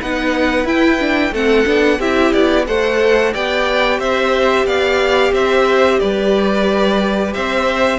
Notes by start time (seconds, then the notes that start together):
0.00 B3 D#4 B4 F#5
0.63 E4 G5
0.99 D4
1.31 A3 C4 A4 F#5
1.65 B3 D4
1.98 C4 E4 G4 E5
2.32 B3 D5
2.66 A3 A4 C5 F#5
3.32 B3 G4 D5 G5
3.98 C4 C5 E5
4.65 B3 D5 F5
5.32 C4 C5 E5
5.99 G3 B4 D5
7.33 C4 C5 E5